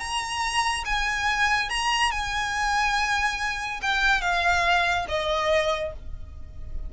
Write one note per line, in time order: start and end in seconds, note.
0.00 0.85 A#5
0.86 1.70 G#5
1.70 2.12 A#5
2.12 3.81 G#5
3.83 4.22 G5
4.22 5.06 F5
5.09 5.93 D#5